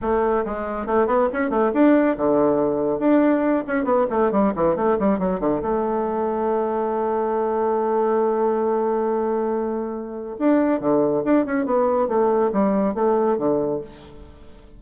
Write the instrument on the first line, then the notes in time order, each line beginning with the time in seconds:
bassoon
0.01 A3
0.45 G#3
0.86 A3
1.07 B3
1.32 C#4
1.50 A3
1.73 D4
2.17 D3
2.99 D4
3.67 C#4
3.84 B3
4.10 A3
4.31 G3
4.55 E3
4.76 A3
4.99 G3
5.19 F#3
5.40 D3
5.62 A3
10.38 D4
10.80 D3
11.24 D4
11.45 C#4
11.65 B3
12.08 A3
12.52 G3
12.94 A3
13.37 D3